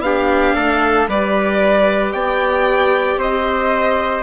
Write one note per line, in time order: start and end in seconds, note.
0.00 0.53 B3
0.00 1.09 D4
0.00 0.55 G4
0.00 1.07 F5
0.55 1.08 A3
0.55 1.08 A4
1.08 2.13 G3
1.08 4.23 G4
1.08 2.14 B4
1.08 2.13 D5
2.13 3.17 B3
2.13 3.19 D5
2.13 3.18 G5
3.17 4.22 C4
3.17 4.23 C5
3.17 4.23 D#5